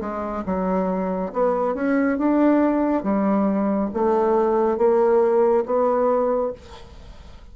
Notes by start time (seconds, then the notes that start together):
0.00 G#3
0.45 F#3
1.32 B3
1.74 C#4
2.17 D4
3.03 G3
3.93 A3
4.77 A#3
5.65 B3